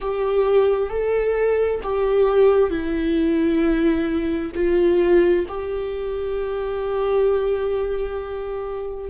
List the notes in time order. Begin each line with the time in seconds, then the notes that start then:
0.00 G4
0.89 A4
1.83 G4
2.69 E4
4.55 F4
5.48 G4